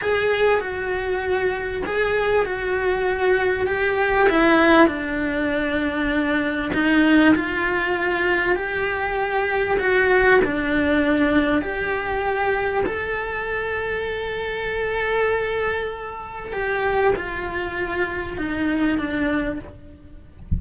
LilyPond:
\new Staff \with { instrumentName = "cello" } { \time 4/4 \tempo 4 = 98 gis'4 fis'2 gis'4 | fis'2 g'4 e'4 | d'2. dis'4 | f'2 g'2 |
fis'4 d'2 g'4~ | g'4 a'2.~ | a'2. g'4 | f'2 dis'4 d'4 | }